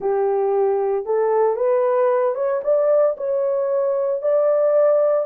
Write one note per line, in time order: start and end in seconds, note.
0.00 1.05 G4
1.05 1.56 A4
1.56 2.34 B4
2.34 2.61 C#5
2.63 3.16 D5
3.17 4.22 C#5
4.22 5.26 D5